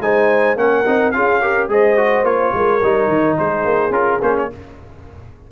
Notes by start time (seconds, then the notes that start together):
0.00 G#3 D#4 C5 G#5
0.56 A#3 C#4 A#4 F#5
0.86 C4 D#4
1.12 C#4 F4 G#4 F5
1.42 G4 A#4
1.68 G#3 G#4 C5 D#5
1.97 F#4
2.24 A#3 F4 C#5
2.54 G#3 A#4
2.82 G3 D#4
3.08 D#3
3.38 G#3 G#4 C5
3.65 A#3
3.91 C#4 F4 A#4
4.22 A#3 C#4 C5
4.38 C#5